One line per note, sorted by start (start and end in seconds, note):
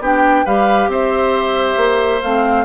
0.00 0.44 B3
0.00 0.46 D4
0.00 0.45 G4
0.00 0.46 G5
0.45 0.88 G3
0.45 2.21 G4
0.45 0.89 B4
0.45 0.90 F5
0.88 1.76 C4
0.88 2.65 C5
0.88 2.22 E5
1.77 2.21 A#3
2.22 2.65 A3
2.22 2.65 C4
2.22 2.65 F5